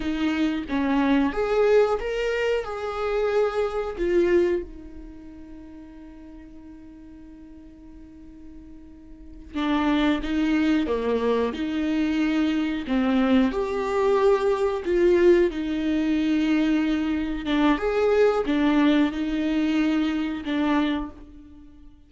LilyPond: \new Staff \with { instrumentName = "viola" } { \time 4/4 \tempo 4 = 91 dis'4 cis'4 gis'4 ais'4 | gis'2 f'4 dis'4~ | dis'1~ | dis'2~ dis'8 d'4 dis'8~ |
dis'8 ais4 dis'2 c'8~ | c'8 g'2 f'4 dis'8~ | dis'2~ dis'8 d'8 gis'4 | d'4 dis'2 d'4 | }